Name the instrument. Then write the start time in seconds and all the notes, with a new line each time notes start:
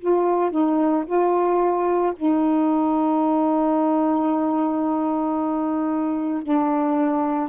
saxophone
0.00 F4
0.51 D#4
1.07 F4
2.16 D#4
6.43 D4